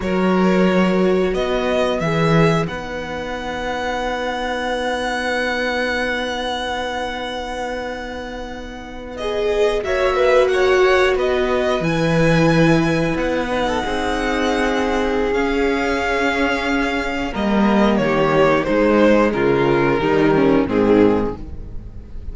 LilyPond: <<
  \new Staff \with { instrumentName = "violin" } { \time 4/4 \tempo 4 = 90 cis''2 dis''4 e''4 | fis''1~ | fis''1~ | fis''4.~ fis''16 dis''4 e''4 fis''16~ |
fis''8. dis''4 gis''2 fis''16~ | fis''2. f''4~ | f''2 dis''4 cis''4 | c''4 ais'2 gis'4 | }
  \new Staff \with { instrumentName = "violin" } { \time 4/4 ais'2 b'2~ | b'1~ | b'1~ | b'2~ b'8. cis''8 b'8 cis''16~ |
cis''8. b'2.~ b'16~ | b'8 a'16 gis'2.~ gis'16~ | gis'2 ais'4 g'4 | dis'4 f'4 dis'8 cis'8 c'4 | }
  \new Staff \with { instrumentName = "viola" } { \time 4/4 fis'2. gis'4 | dis'1~ | dis'1~ | dis'4.~ dis'16 gis'4 fis'4~ fis'16~ |
fis'4.~ fis'16 e'2~ e'16~ | e'16 dis'2~ dis'8. cis'4~ | cis'2 ais2 | gis2 g4 dis4 | }
  \new Staff \with { instrumentName = "cello" } { \time 4/4 fis2 b4 e4 | b1~ | b1~ | b2~ b8. ais4~ ais16~ |
ais8. b4 e2 b16~ | b8. c'2~ c'16 cis'4~ | cis'2 g4 dis4 | gis4 cis4 dis4 gis,4 | }
>>